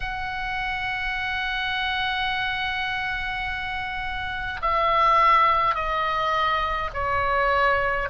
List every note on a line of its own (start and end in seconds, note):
0.00 4.60 F#5
4.62 5.74 E5
5.74 6.90 D#5
6.93 8.08 C#5